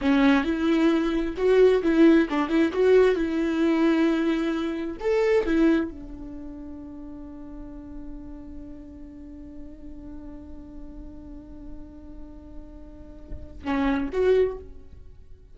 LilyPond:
\new Staff \with { instrumentName = "viola" } { \time 4/4 \tempo 4 = 132 cis'4 e'2 fis'4 | e'4 d'8 e'8 fis'4 e'4~ | e'2. a'4 | e'4 d'2.~ |
d'1~ | d'1~ | d'1~ | d'2 cis'4 fis'4 | }